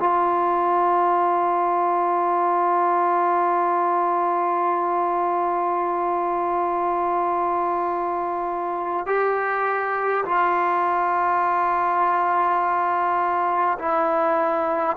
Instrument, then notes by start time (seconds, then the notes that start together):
trombone
0.00 F4
9.07 G4
10.26 F4
13.79 E4